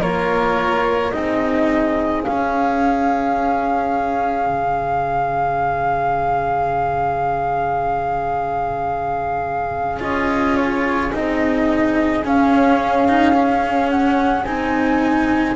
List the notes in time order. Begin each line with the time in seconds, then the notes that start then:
0.00 A#3 F4 A#4 C#5
1.11 C4 D#4 G#4 D#5
2.22 C#4 F5
4.46 C#3
10.00 C#4 F4 D#5
10.56 C#5
11.12 C4 D#4 D#5
12.23 C#4 F5
13.08 D#4
13.33 C#4
13.90 F#5
14.44 C4 D#4 G#5